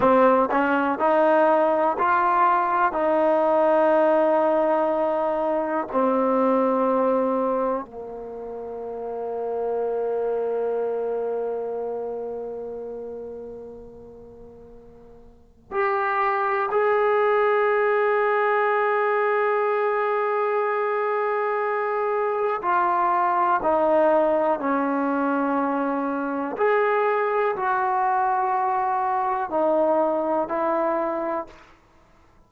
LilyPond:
\new Staff \with { instrumentName = "trombone" } { \time 4/4 \tempo 4 = 61 c'8 cis'8 dis'4 f'4 dis'4~ | dis'2 c'2 | ais1~ | ais1 |
g'4 gis'2.~ | gis'2. f'4 | dis'4 cis'2 gis'4 | fis'2 dis'4 e'4 | }